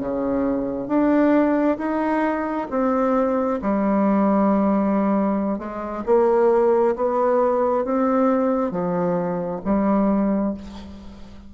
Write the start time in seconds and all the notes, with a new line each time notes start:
0.00 C#3
0.88 D4
1.78 D#4
2.70 C4
3.61 G3
5.58 G#3
6.06 A#3
6.96 B3
7.84 C4
8.71 F3
9.64 G3